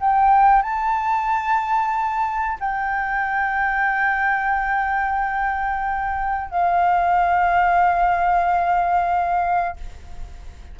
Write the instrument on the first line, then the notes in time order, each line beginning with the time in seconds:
flute
0.00 G5
0.63 A5
2.60 G5
6.50 F5